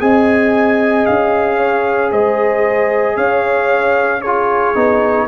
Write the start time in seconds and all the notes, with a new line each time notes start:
0.00 C4 G#4 D#5 G#5
1.06 C#4 F5
1.57 C#5
2.12 G#3 C5 D#5
3.16 C#4 C#5 F5
4.21 F4 G#4 C#5
4.75 B3 D#4